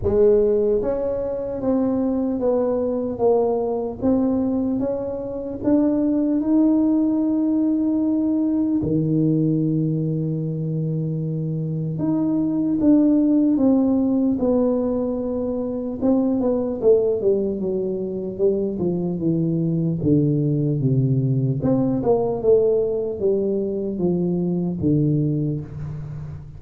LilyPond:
\new Staff \with { instrumentName = "tuba" } { \time 4/4 \tempo 4 = 75 gis4 cis'4 c'4 b4 | ais4 c'4 cis'4 d'4 | dis'2. dis4~ | dis2. dis'4 |
d'4 c'4 b2 | c'8 b8 a8 g8 fis4 g8 f8 | e4 d4 c4 c'8 ais8 | a4 g4 f4 d4 | }